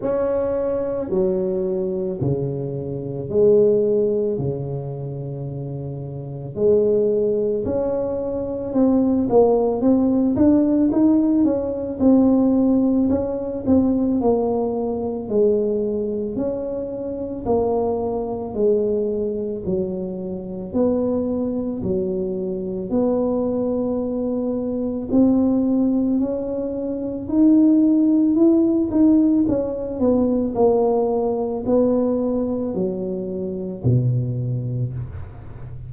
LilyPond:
\new Staff \with { instrumentName = "tuba" } { \time 4/4 \tempo 4 = 55 cis'4 fis4 cis4 gis4 | cis2 gis4 cis'4 | c'8 ais8 c'8 d'8 dis'8 cis'8 c'4 | cis'8 c'8 ais4 gis4 cis'4 |
ais4 gis4 fis4 b4 | fis4 b2 c'4 | cis'4 dis'4 e'8 dis'8 cis'8 b8 | ais4 b4 fis4 b,4 | }